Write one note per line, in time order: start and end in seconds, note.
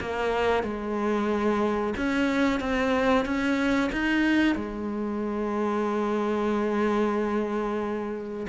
0.00 0.63 A#3
0.63 1.94 G#3
1.97 2.60 C#4
2.60 3.25 C4
3.25 3.90 C#4
3.92 4.55 D#4
4.55 8.46 G#3